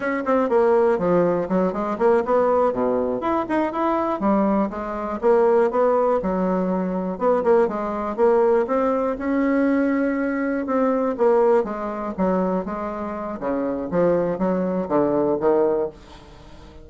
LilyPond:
\new Staff \with { instrumentName = "bassoon" } { \time 4/4 \tempo 4 = 121 cis'8 c'8 ais4 f4 fis8 gis8 | ais8 b4 b,4 e'8 dis'8 e'8~ | e'8 g4 gis4 ais4 b8~ | b8 fis2 b8 ais8 gis8~ |
gis8 ais4 c'4 cis'4.~ | cis'4. c'4 ais4 gis8~ | gis8 fis4 gis4. cis4 | f4 fis4 d4 dis4 | }